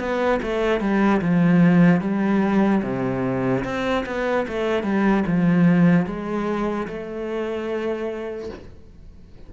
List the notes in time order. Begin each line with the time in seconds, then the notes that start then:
0.00 B3
0.42 A3
0.81 G3
1.22 F3
2.01 G3
2.83 C3
3.65 C4
4.06 B3
4.48 A3
4.84 G3
5.27 F3
6.06 G#3
6.88 A3